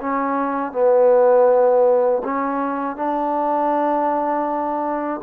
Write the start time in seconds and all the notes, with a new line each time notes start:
0.00 C#4
0.72 B3
2.24 C#4
2.96 D4